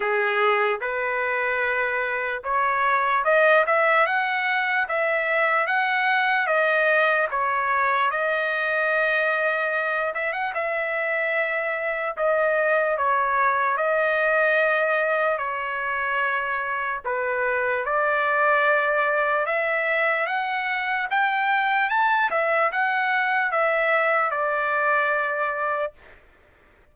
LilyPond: \new Staff \with { instrumentName = "trumpet" } { \time 4/4 \tempo 4 = 74 gis'4 b'2 cis''4 | dis''8 e''8 fis''4 e''4 fis''4 | dis''4 cis''4 dis''2~ | dis''8 e''16 fis''16 e''2 dis''4 |
cis''4 dis''2 cis''4~ | cis''4 b'4 d''2 | e''4 fis''4 g''4 a''8 e''8 | fis''4 e''4 d''2 | }